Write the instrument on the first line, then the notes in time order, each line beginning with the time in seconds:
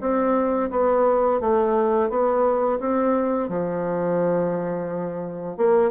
bassoon
0.00 C4
0.70 B3
1.40 A3
2.09 B3
2.79 C4
3.49 F3
5.57 A#3